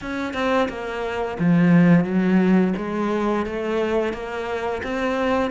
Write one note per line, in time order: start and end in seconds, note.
0.01 0.33 C#4
0.33 0.68 C4
0.68 1.37 A#3
1.39 2.04 F3
2.04 2.73 F#3
2.76 3.45 G#3
3.46 4.13 A3
4.13 4.82 A#3
4.83 5.50 C4